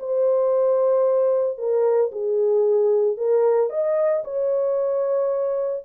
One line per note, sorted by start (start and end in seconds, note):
0.00 1.58 C5
1.58 2.11 A#4
2.12 3.18 G#4
3.18 3.70 A#4
3.70 4.24 D#5
4.25 5.84 C#5